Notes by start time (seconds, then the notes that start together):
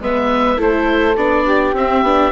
0.00 G#3 B3 B4 E5
0.58 A3 E4 A4 C5
1.16 B3 D4 D5
1.46 G4
1.73 C4 E5
2.03 B3 D4